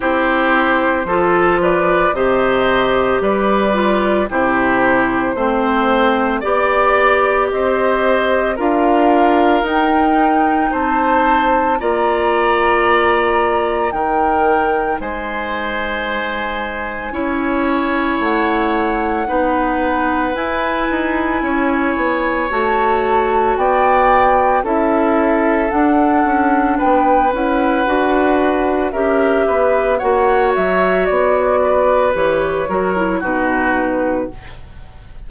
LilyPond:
<<
  \new Staff \with { instrumentName = "flute" } { \time 4/4 \tempo 4 = 56 c''4. d''8 dis''4 d''4 | c''2 d''4 dis''4 | f''4 g''4 a''4 ais''4~ | ais''4 g''4 gis''2~ |
gis''4 fis''2 gis''4~ | gis''4 a''4 g''4 e''4 | fis''4 g''8 fis''4. e''4 | fis''8 e''8 d''4 cis''4 b'4 | }
  \new Staff \with { instrumentName = "oboe" } { \time 4/4 g'4 a'8 b'8 c''4 b'4 | g'4 c''4 d''4 c''4 | ais'2 c''4 d''4~ | d''4 ais'4 c''2 |
cis''2 b'2 | cis''2 d''4 a'4~ | a'4 b'2 ais'8 b'8 | cis''4. b'4 ais'8 fis'4 | }
  \new Staff \with { instrumentName = "clarinet" } { \time 4/4 e'4 f'4 g'4. f'8 | e'4 c'4 g'2 | f'4 dis'2 f'4~ | f'4 dis'2. |
e'2 dis'4 e'4~ | e'4 fis'2 e'4 | d'4. e'8 fis'4 g'4 | fis'2 g'8 fis'16 e'16 dis'4 | }
  \new Staff \with { instrumentName = "bassoon" } { \time 4/4 c'4 f4 c4 g4 | c4 a4 b4 c'4 | d'4 dis'4 c'4 ais4~ | ais4 dis4 gis2 |
cis'4 a4 b4 e'8 dis'8 | cis'8 b8 a4 b4 cis'4 | d'8 cis'8 b8 cis'8 d'4 cis'8 b8 | ais8 fis8 b4 e8 fis8 b,4 | }
>>